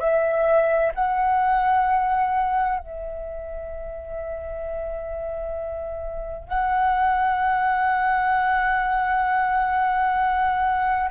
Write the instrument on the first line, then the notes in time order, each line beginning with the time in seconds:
flute
0.00 E5
0.95 F#5
2.79 E5
6.49 F#5